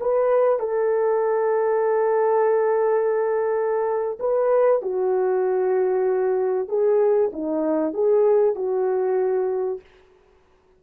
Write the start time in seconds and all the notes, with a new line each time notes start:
0.00 B4
0.59 A4
4.19 B4
4.82 F#4
6.68 G#4
7.32 D#4
7.93 G#4
8.55 F#4